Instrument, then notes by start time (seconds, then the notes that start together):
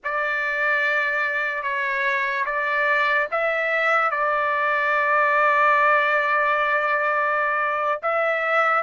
trumpet
0.04 D5
1.62 C#5
2.45 D5
3.31 E5
4.10 D5
8.02 E5